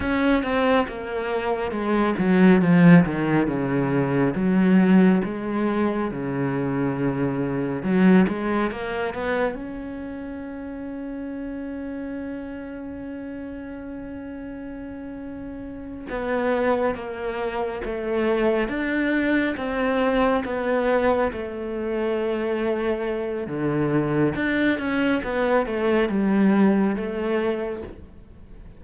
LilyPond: \new Staff \with { instrumentName = "cello" } { \time 4/4 \tempo 4 = 69 cis'8 c'8 ais4 gis8 fis8 f8 dis8 | cis4 fis4 gis4 cis4~ | cis4 fis8 gis8 ais8 b8 cis'4~ | cis'1~ |
cis'2~ cis'8 b4 ais8~ | ais8 a4 d'4 c'4 b8~ | b8 a2~ a8 d4 | d'8 cis'8 b8 a8 g4 a4 | }